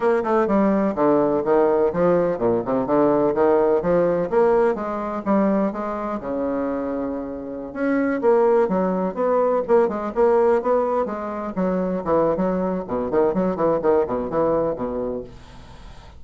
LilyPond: \new Staff \with { instrumentName = "bassoon" } { \time 4/4 \tempo 4 = 126 ais8 a8 g4 d4 dis4 | f4 ais,8 c8 d4 dis4 | f4 ais4 gis4 g4 | gis4 cis2.~ |
cis16 cis'4 ais4 fis4 b8.~ | b16 ais8 gis8 ais4 b4 gis8.~ | gis16 fis4 e8. fis4 b,8 dis8 | fis8 e8 dis8 b,8 e4 b,4 | }